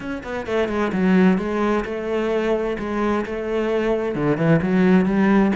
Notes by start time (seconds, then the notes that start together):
0.00 C#4
0.23 B3
0.46 A3
0.68 G#3
0.92 F#3
1.38 G#3
1.85 A3
2.79 G#3
3.25 A3
4.15 D3
4.37 E3
4.62 F#3
5.05 G3